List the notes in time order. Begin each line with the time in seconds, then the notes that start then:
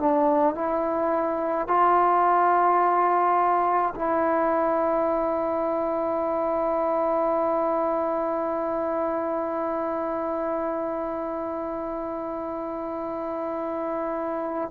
0.00 D4
0.55 E4
1.68 F4
3.96 E4